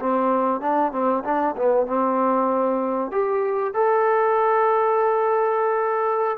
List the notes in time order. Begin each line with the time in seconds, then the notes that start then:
0.00 C4
0.61 D4
0.92 C4
1.24 D4
1.57 B3
1.87 C4
3.11 G4
3.74 A4